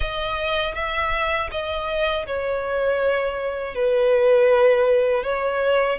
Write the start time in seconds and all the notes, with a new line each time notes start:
0.00 D#5
0.75 E5
1.51 D#5
2.26 C#5
3.75 B4
5.23 C#5